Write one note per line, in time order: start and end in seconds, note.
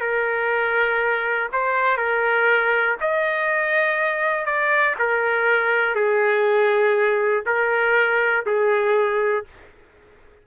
0.00 1.49 A#4
1.52 1.97 C5
1.97 2.96 A#4
3.00 4.45 D#5
4.45 4.95 D5
4.99 5.95 A#4
5.95 7.44 G#4
7.46 8.45 A#4
8.46 9.45 G#4